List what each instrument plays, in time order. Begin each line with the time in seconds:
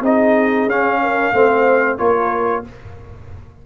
0.00 tuba C4, trombone D#4, horn G#4, trumpet D#5
0.67 tuba C#4, trombone C#4, trumpet F5
1.03 horn A#4
1.33 tuba A3, trombone C4, horn C5
1.98 tuba A#3, trombone F4, horn A#4, trumpet C#5